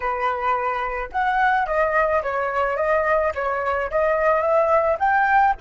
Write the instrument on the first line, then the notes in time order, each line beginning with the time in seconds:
flute
0.00 B4
1.11 F#5
1.66 D#5
2.22 C#5
2.77 D#5
3.34 C#5
3.90 D#5
4.41 E5
4.98 G5